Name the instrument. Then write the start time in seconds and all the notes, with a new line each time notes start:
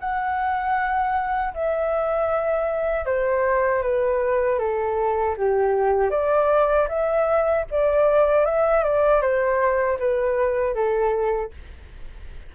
flute
0.00 F#5
1.54 E5
3.06 C5
3.83 B4
4.59 A4
5.37 G4
6.11 D5
6.88 E5
7.71 D5
8.45 E5
8.84 D5
9.22 C5
9.99 B4
10.74 A4